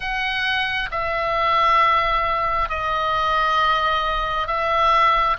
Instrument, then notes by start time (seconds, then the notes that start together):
oboe
0.00 F#5
0.91 E5
2.69 D#5
4.47 E5